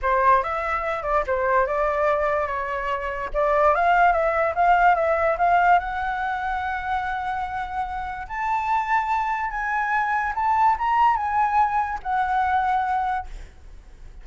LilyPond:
\new Staff \with { instrumentName = "flute" } { \time 4/4 \tempo 4 = 145 c''4 e''4. d''8 c''4 | d''2 cis''2 | d''4 f''4 e''4 f''4 | e''4 f''4 fis''2~ |
fis''1 | a''2. gis''4~ | gis''4 a''4 ais''4 gis''4~ | gis''4 fis''2. | }